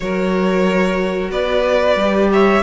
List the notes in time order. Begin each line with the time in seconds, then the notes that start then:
0.00 F#3 F#4 A#4 C#5
1.30 B3 B4 D5
1.95 G3 G4
2.32 C#5 E5